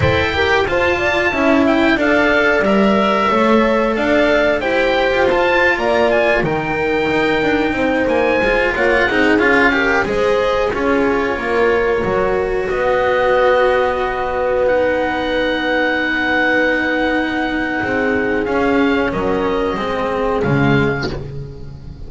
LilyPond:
<<
  \new Staff \with { instrumentName = "oboe" } { \time 4/4 \tempo 4 = 91 g''4 a''4. g''8 f''4 | e''2 f''4 g''4 | a''8. ais''8 gis''8 g''2~ g''16~ | g''16 gis''4 fis''4 f''4 dis''8.~ |
dis''16 cis''2. dis''8.~ | dis''2~ dis''16 fis''4.~ fis''16~ | fis''1 | f''4 dis''2 f''4 | }
  \new Staff \with { instrumentName = "horn" } { \time 4/4 c''8 ais'8 c''8 d''8 e''4 d''4~ | d''4 cis''4 d''4 c''4~ | c''8. d''4 ais'2 c''16~ | c''4~ c''16 cis''8 gis'4 ais'8 c''8.~ |
c''16 gis'4 ais'2 b'8.~ | b'1~ | b'2. gis'4~ | gis'4 ais'4 gis'2 | }
  \new Staff \with { instrumentName = "cello" } { \time 4/4 a'8 g'8 f'4 e'4 a'4 | ais'4 a'2 g'4 | f'4.~ f'16 dis'2~ dis'16~ | dis'8. f'4 dis'8 f'8 g'8 gis'8.~ |
gis'16 f'2 fis'4.~ fis'16~ | fis'2~ fis'16 dis'4.~ dis'16~ | dis'1 | cis'2 c'4 gis4 | }
  \new Staff \with { instrumentName = "double bass" } { \time 4/4 e'4 f'4 cis'4 d'4 | g4 a4 d'4 e'8. f'16~ | f'8. ais4 dis4 dis'8 d'8 c'16~ | c'16 ais8 gis8 ais8 c'8 cis'4 gis8.~ |
gis16 cis'4 ais4 fis4 b8.~ | b1~ | b2. c'4 | cis'4 fis4 gis4 cis4 | }
>>